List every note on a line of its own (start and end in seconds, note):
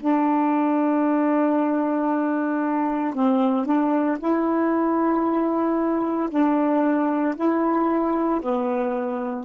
0.00 3.14 D4
3.14 3.66 C4
3.66 4.18 D4
4.19 6.30 E4
6.30 7.35 D4
7.36 8.41 E4
8.42 9.44 B3